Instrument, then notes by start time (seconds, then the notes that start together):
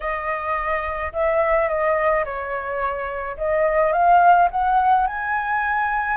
flute
0.00 D#5
1.12 E5
1.68 D#5
2.24 C#5
3.37 D#5
3.92 F5
4.50 F#5
5.06 G#5